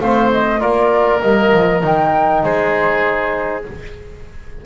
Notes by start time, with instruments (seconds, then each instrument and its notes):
0.00 double bass A3, trombone C4, oboe C5, flute F5
0.33 flute D#5
0.60 double bass A#3, trombone F4, oboe A#4, flute D5
1.21 double bass G3, trombone A#3, flute D#5
1.53 double bass F3
1.82 double bass D#3, trombone D#4, flute G5
2.44 double bass G#3, oboe G#4, flute C5